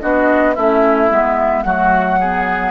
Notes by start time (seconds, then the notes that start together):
0.00 B3 D4 F#4 D#5
0.55 A3 C#4 E4 E5
1.10 G#3 B3
1.62 F#3 A3 F#4 F#5
2.19 B3 G#4